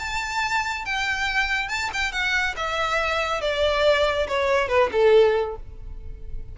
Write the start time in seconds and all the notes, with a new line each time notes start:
0.00 A5
0.86 G5
1.69 A5
1.94 G5
2.13 F#5
2.57 E5
3.42 D5
4.28 C#5
4.69 B4
4.92 A4